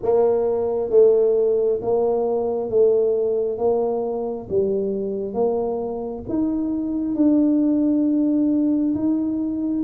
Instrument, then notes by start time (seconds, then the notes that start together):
tuba
0.02 A#3
0.90 A3
1.81 A#3
2.69 A3
3.58 A#3
4.49 G3
5.33 A#3
6.28 D#4
7.15 D4
8.95 D#4